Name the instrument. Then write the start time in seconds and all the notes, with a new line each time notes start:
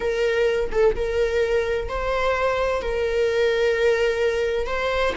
viola
0.00 A#4
0.71 A4
0.95 A#4
1.89 C5
2.81 A#4
4.66 C5